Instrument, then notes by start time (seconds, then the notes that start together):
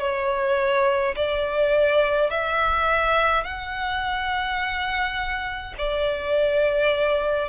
violin
0.00 C#5
1.16 D5
2.30 E5
3.44 F#5
5.78 D5